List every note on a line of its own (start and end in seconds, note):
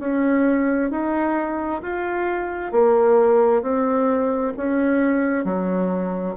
0.00 0.91 C#4
0.91 1.82 D#4
1.83 2.72 F4
2.72 3.62 A#3
3.62 4.53 C4
4.57 5.45 C#4
5.45 6.36 F#3